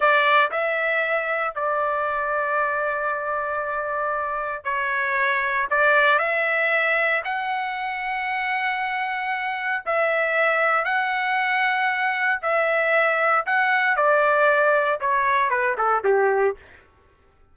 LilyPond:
\new Staff \with { instrumentName = "trumpet" } { \time 4/4 \tempo 4 = 116 d''4 e''2 d''4~ | d''1~ | d''4 cis''2 d''4 | e''2 fis''2~ |
fis''2. e''4~ | e''4 fis''2. | e''2 fis''4 d''4~ | d''4 cis''4 b'8 a'8 g'4 | }